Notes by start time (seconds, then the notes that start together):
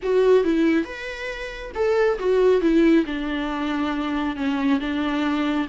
0.03 F#4
0.44 E4
0.84 B4
1.75 A4
2.18 F#4
2.61 E4
3.06 D4
4.36 C#4
4.80 D4